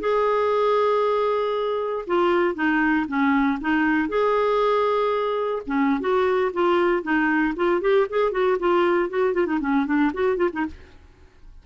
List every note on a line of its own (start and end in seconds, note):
0.00 2.05 G#4
2.07 2.54 F4
2.54 3.06 D#4
3.07 3.59 C#4
3.61 4.08 D#4
4.08 5.62 G#4
5.66 6.00 C#4
6.00 6.52 F#4
6.53 7.03 F4
7.03 7.54 D#4
7.56 7.81 F4
7.81 8.07 G4
8.09 8.31 G#4
8.31 8.57 F#4
8.59 9.09 F4
9.09 9.33 F#4
9.33 9.46 F4
9.46 9.59 D#4
9.60 9.86 C#4
9.86 10.11 D4
10.13 10.36 F#4
10.36 10.49 F4
10.52 10.65 D#4